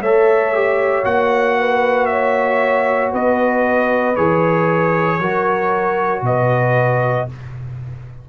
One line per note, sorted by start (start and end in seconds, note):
0.00 1.03 A3
0.00 0.54 A4
0.00 1.57 C#5
0.00 1.04 E5
0.54 1.04 G4
1.04 3.11 A#3
1.04 4.14 F#4
1.04 2.05 F#5
1.58 2.09 B4
2.05 3.11 C#5
2.05 3.09 E5
3.11 4.16 B3
3.11 5.18 B4
3.11 4.15 D#5
4.15 5.19 E3
4.15 5.20 G#4
4.15 6.22 C#5
5.19 6.21 F#3
5.19 7.28 F#4
5.19 6.23 A#4
6.21 7.25 B2
6.21 7.29 B4
6.21 7.29 D#5